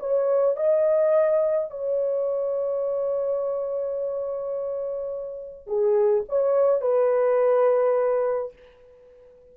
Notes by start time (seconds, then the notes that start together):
0.00 C#5
0.57 D#5
1.71 C#5
5.67 G#4
6.29 C#5
6.82 B4